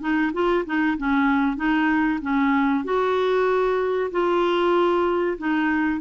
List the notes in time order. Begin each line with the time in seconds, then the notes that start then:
0.00 D#4
0.33 F4
0.65 D#4
0.97 C#4
1.56 D#4
2.21 C#4
2.84 F#4
4.11 F4
5.38 D#4